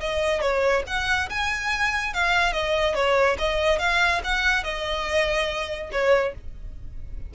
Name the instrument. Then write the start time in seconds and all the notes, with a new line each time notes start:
violin
0.00 D#5
0.41 C#5
0.87 F#5
1.29 G#5
2.13 F5
2.53 D#5
2.94 C#5
3.38 D#5
3.79 F5
4.24 F#5
4.63 D#5
5.92 C#5